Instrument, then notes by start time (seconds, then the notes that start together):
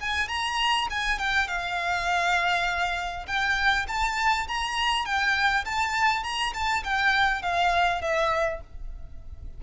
violin
0.00 G#5
0.28 A#5
0.90 G#5
1.19 G5
1.48 F5
3.27 G5
3.88 A5
4.48 A#5
5.05 G5
5.65 A5
6.23 A#5
6.54 A5
6.84 G5
7.42 F5
8.01 E5